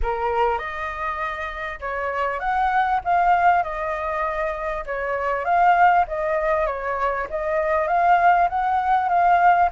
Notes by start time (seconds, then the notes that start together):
0.02 A#4
0.58 D#5
1.80 C#5
2.39 F#5
3.04 F5
3.63 D#5
4.85 C#5
5.44 F5
6.07 D#5
6.66 C#5
7.29 D#5
7.87 F5
8.48 F#5
9.09 F5